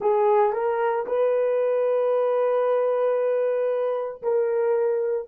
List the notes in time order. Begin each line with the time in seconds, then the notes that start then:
0.00 G#4
0.53 A#4
1.06 B4
4.22 A#4